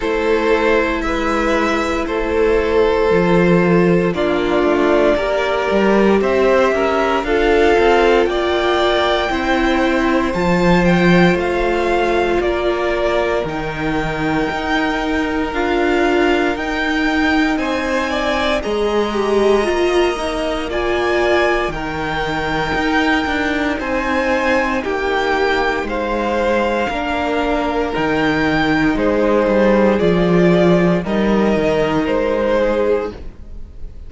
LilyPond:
<<
  \new Staff \with { instrumentName = "violin" } { \time 4/4 \tempo 4 = 58 c''4 e''4 c''2 | d''2 e''4 f''4 | g''2 a''8 g''8 f''4 | d''4 g''2 f''4 |
g''4 gis''4 ais''2 | gis''4 g''2 gis''4 | g''4 f''2 g''4 | c''4 d''4 dis''4 c''4 | }
  \new Staff \with { instrumentName = "violin" } { \time 4/4 a'4 b'4 a'2 | f'4 ais'4 c''8 ais'8 a'4 | d''4 c''2. | ais'1~ |
ais'4 c''8 d''8 dis''2 | d''4 ais'2 c''4 | g'4 c''4 ais'2 | gis'2 ais'4. gis'8 | }
  \new Staff \with { instrumentName = "viola" } { \time 4/4 e'2. f'4 | d'4 g'2 f'4~ | f'4 e'4 f'2~ | f'4 dis'2 f'4 |
dis'2 gis'8 g'8 f'8 dis'8 | f'4 dis'2.~ | dis'2 d'4 dis'4~ | dis'4 f'4 dis'2 | }
  \new Staff \with { instrumentName = "cello" } { \time 4/4 a4 gis4 a4 f4 | ais8 a8 ais8 g8 c'8 cis'8 d'8 c'8 | ais4 c'4 f4 a4 | ais4 dis4 dis'4 d'4 |
dis'4 c'4 gis4 ais4~ | ais4 dis4 dis'8 d'8 c'4 | ais4 gis4 ais4 dis4 | gis8 g8 f4 g8 dis8 gis4 | }
>>